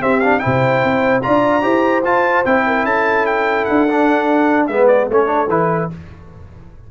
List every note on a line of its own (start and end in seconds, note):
0.00 0.20 C4
0.00 0.42 C4
0.00 0.41 G4
0.00 0.20 E5
0.20 0.40 D4
0.20 0.39 F5
0.39 1.21 E4
0.39 1.24 C5
0.39 1.20 G5
0.45 0.83 C3
0.83 1.24 C4
1.22 1.64 D4
1.22 1.62 F4
1.22 1.63 D5
1.22 2.03 A#5
1.62 2.03 E4
1.62 2.02 G4
1.62 2.64 C5
2.03 2.44 F4
2.03 2.45 F4
2.03 2.44 A5
2.45 2.84 C4
2.45 3.88 E4
2.45 2.85 G5
2.66 2.85 A#4
2.84 3.65 C#4
2.84 4.67 A4
2.84 3.26 A5
3.26 3.64 G5
3.64 4.68 D4
3.64 4.66 F#5
3.88 4.69 D4
4.66 5.09 G#3
4.66 5.11 B3
4.66 5.08 B4
4.66 4.87 E5
4.87 5.07 D5
5.09 5.48 A3
5.09 5.26 C#4
5.09 5.91 A4
5.09 5.50 C#5
5.26 5.46 D4
5.48 5.88 E3
5.48 5.90 E4
5.48 5.90 B4